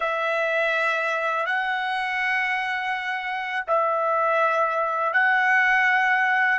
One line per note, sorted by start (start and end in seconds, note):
0.00 1.46 E5
1.46 3.65 F#5
3.67 5.13 E5
5.13 6.59 F#5